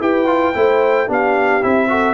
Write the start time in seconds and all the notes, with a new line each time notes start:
0.00 E4 G4 B4 G5
0.26 F4
0.54 A3 E4 C5
1.07 B3 D4 G4 F5
1.61 C4 E4 E5
1.88 F#4 A4